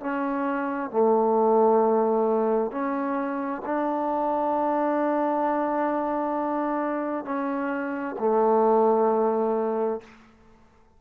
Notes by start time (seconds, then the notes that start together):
0.00 C#4
0.90 A3
2.71 C#4
3.65 D4
7.24 C#4
8.19 A3